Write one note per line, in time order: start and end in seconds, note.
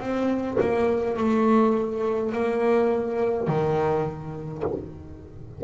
0.00 0.58 C4
0.60 1.17 A#3
1.17 2.32 A3
2.32 3.48 A#3
3.48 4.63 D#3